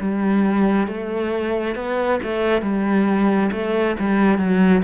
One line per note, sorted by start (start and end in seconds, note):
0.00 0.87 G3
0.87 1.76 A3
1.76 2.20 B3
2.23 2.61 A3
2.61 3.50 G3
3.52 3.96 A3
3.99 4.38 G3
4.38 4.82 F#3